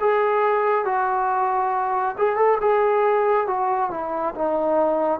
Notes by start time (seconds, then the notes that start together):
0.00 G#4
0.85 F#4
2.17 G#4
2.36 A4
2.60 G#4
3.47 F#4
3.90 E4
4.35 D#4